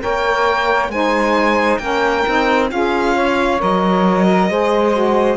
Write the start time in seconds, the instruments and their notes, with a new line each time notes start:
0.00 cello A#3, saxophone A#4 C#5, violin G5
0.88 cello G#3, saxophone D#4 C5, violin G#5
1.78 cello A#3, saxophone C#4 A#4, violin G5
2.26 cello C4, saxophone D#4
2.69 cello C#4, saxophone F4 G#4, violin F5
3.14 saxophone C#5
3.59 cello F#3, saxophone A#4, violin D#5
4.27 saxophone A#4
4.47 cello G#3, saxophone G#4 C5
4.92 saxophone F#4